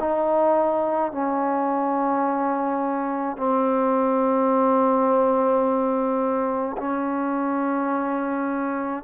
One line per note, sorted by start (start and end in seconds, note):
0.00 1.12 D#4
1.12 3.38 C#4
3.38 6.77 C4
6.78 9.04 C#4